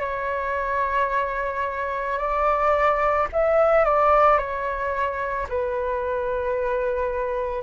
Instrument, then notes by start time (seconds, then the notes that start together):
flute
0.00 C#5
2.18 D5
3.32 E5
3.84 D5
4.38 C#5
5.49 B4